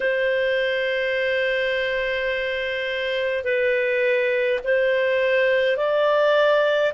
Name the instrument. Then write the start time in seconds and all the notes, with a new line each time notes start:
clarinet
0.00 C5
3.44 B4
4.64 C5
5.76 D5